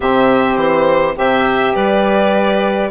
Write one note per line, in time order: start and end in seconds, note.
0.00 0.55 C3
0.00 1.15 C4
0.00 1.16 G4
0.00 0.57 E5
0.55 1.14 E3
0.55 1.15 C5
1.15 1.75 C3
1.15 2.90 G4
1.15 1.74 C5
1.15 1.75 E5
1.74 2.90 G3
1.74 2.90 B4
1.74 2.90 D5